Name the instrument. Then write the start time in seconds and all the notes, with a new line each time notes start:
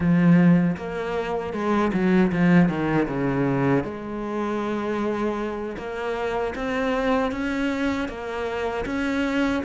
cello
0.00 F3
0.77 A#3
1.53 G#3
1.93 F#3
2.32 F3
2.69 D#3
3.08 C#3
3.84 G#3
5.77 A#3
6.55 C4
7.31 C#4
8.08 A#3
8.85 C#4